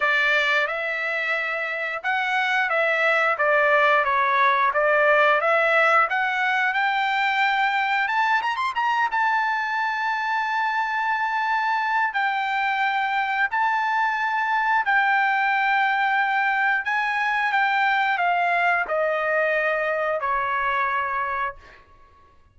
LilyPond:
\new Staff \with { instrumentName = "trumpet" } { \time 4/4 \tempo 4 = 89 d''4 e''2 fis''4 | e''4 d''4 cis''4 d''4 | e''4 fis''4 g''2 | a''8 ais''16 c'''16 ais''8 a''2~ a''8~ |
a''2 g''2 | a''2 g''2~ | g''4 gis''4 g''4 f''4 | dis''2 cis''2 | }